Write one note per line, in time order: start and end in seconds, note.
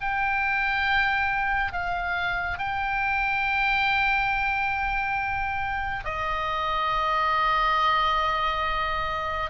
0.00 1.72 G5
1.72 2.58 F5
2.58 6.04 G5
6.04 9.50 D#5